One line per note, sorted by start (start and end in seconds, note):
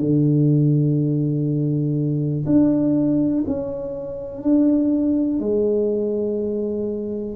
0.00 2.46 D3
2.46 3.45 D4
3.47 4.43 C#4
4.43 5.40 D4
5.40 7.36 G#3